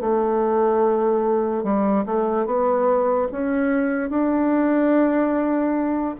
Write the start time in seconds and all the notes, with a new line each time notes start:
0.00 A3
1.64 G3
2.06 A3
2.46 B3
3.32 C#4
4.10 D4